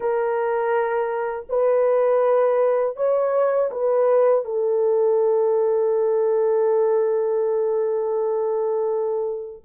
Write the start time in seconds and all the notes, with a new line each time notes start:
0.00 A#4
1.48 B4
2.96 C#5
3.71 B4
4.44 A4